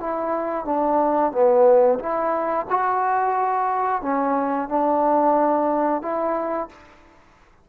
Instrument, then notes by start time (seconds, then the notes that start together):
trombone
0.00 E4
0.65 D4
1.32 B3
1.99 E4
2.70 F#4
4.02 C#4
4.69 D4
6.02 E4